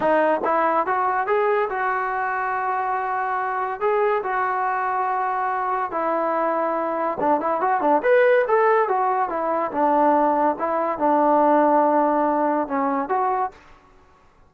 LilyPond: \new Staff \with { instrumentName = "trombone" } { \time 4/4 \tempo 4 = 142 dis'4 e'4 fis'4 gis'4 | fis'1~ | fis'4 gis'4 fis'2~ | fis'2 e'2~ |
e'4 d'8 e'8 fis'8 d'8 b'4 | a'4 fis'4 e'4 d'4~ | d'4 e'4 d'2~ | d'2 cis'4 fis'4 | }